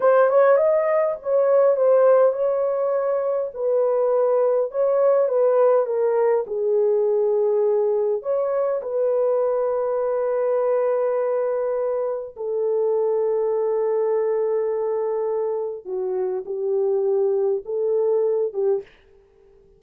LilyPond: \new Staff \with { instrumentName = "horn" } { \time 4/4 \tempo 4 = 102 c''8 cis''8 dis''4 cis''4 c''4 | cis''2 b'2 | cis''4 b'4 ais'4 gis'4~ | gis'2 cis''4 b'4~ |
b'1~ | b'4 a'2.~ | a'2. fis'4 | g'2 a'4. g'8 | }